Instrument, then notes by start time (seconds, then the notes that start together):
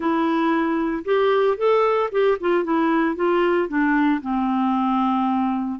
clarinet
0.00 E4
1.04 G4
1.57 A4
2.11 G4
2.40 F4
2.63 E4
3.15 F4
3.68 D4
4.21 C4